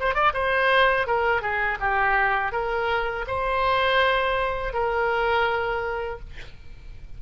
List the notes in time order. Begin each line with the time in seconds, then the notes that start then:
0.00 C5
0.14 D5
0.34 C5
1.07 A#4
1.42 G#4
1.80 G4
2.52 A#4
3.27 C5
4.73 A#4